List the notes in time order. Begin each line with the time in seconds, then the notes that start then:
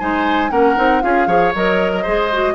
0.00 G#3 D#4 C5 G#5
0.51 A#3 C#4 A#4 F#5
0.76 C4 D#4
1.02 C#4 F4 G#4 F5
1.27 F3 G#4 C#5
1.55 F#3 A#4 D#5
1.93 A#4
2.03 G#3 G#4 C5
2.33 F#4